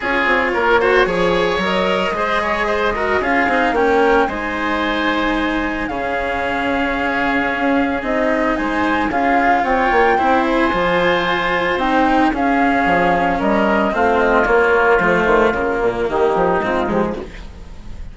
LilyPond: <<
  \new Staff \with { instrumentName = "flute" } { \time 4/4 \tempo 4 = 112 cis''2. dis''4~ | dis''2 f''4 g''4 | gis''2. f''4~ | f''2. dis''4 |
gis''4 f''4 g''4. gis''8~ | gis''2 g''4 f''4~ | f''4 dis''4 f''8 dis''8 cis''4 | c''4 ais'4 g'4 f'8 g'16 gis'16 | }
  \new Staff \with { instrumentName = "oboe" } { \time 4/4 gis'4 ais'8 c''8 cis''2 | c''8 cis''8 c''8 ais'8 gis'4 ais'4 | c''2. gis'4~ | gis'1 |
c''4 gis'4 cis''4 c''4~ | c''2. gis'4~ | gis'4 ais'4 f'2~ | f'2 dis'2 | }
  \new Staff \with { instrumentName = "cello" } { \time 4/4 f'4. fis'8 gis'4 ais'4 | gis'4. fis'8 f'8 dis'8 cis'4 | dis'2. cis'4~ | cis'2. dis'4~ |
dis'4 f'2 e'4 | f'2 dis'4 cis'4~ | cis'2 c'4 ais4 | a4 ais2 c'8 gis8 | }
  \new Staff \with { instrumentName = "bassoon" } { \time 4/4 cis'8 c'8 ais4 f4 fis4 | gis2 cis'8 c'8 ais4 | gis2. cis4~ | cis2 cis'4 c'4 |
gis4 cis'4 c'8 ais8 c'4 | f2 c'4 cis'4 | f4 g4 a4 ais4 | f8 dis8 cis8 ais,8 dis8 f8 gis8 f8 | }
>>